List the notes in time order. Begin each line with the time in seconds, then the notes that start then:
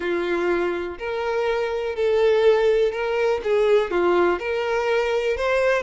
0.00 F4
0.98 A#4
1.95 A4
2.92 A#4
3.43 G#4
3.90 F4
4.39 A#4
5.36 C5